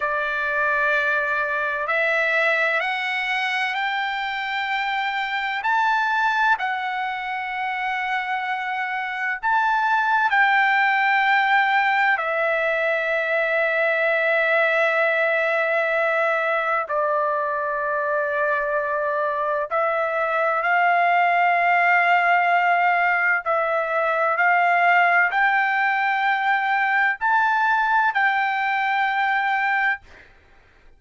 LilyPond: \new Staff \with { instrumentName = "trumpet" } { \time 4/4 \tempo 4 = 64 d''2 e''4 fis''4 | g''2 a''4 fis''4~ | fis''2 a''4 g''4~ | g''4 e''2.~ |
e''2 d''2~ | d''4 e''4 f''2~ | f''4 e''4 f''4 g''4~ | g''4 a''4 g''2 | }